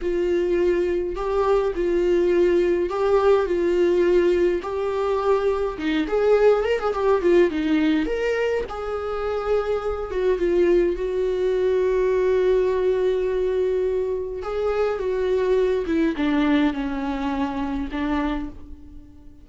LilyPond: \new Staff \with { instrumentName = "viola" } { \time 4/4 \tempo 4 = 104 f'2 g'4 f'4~ | f'4 g'4 f'2 | g'2 dis'8 gis'4 ais'16 gis'16 | g'8 f'8 dis'4 ais'4 gis'4~ |
gis'4. fis'8 f'4 fis'4~ | fis'1~ | fis'4 gis'4 fis'4. e'8 | d'4 cis'2 d'4 | }